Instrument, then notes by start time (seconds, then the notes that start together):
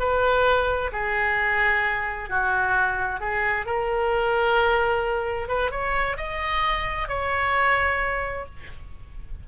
oboe
0.00 B4
0.93 G#4
2.30 F#4
3.21 G#4
3.66 A#4
5.49 B4
5.71 C#5
6.17 D#5
7.08 C#5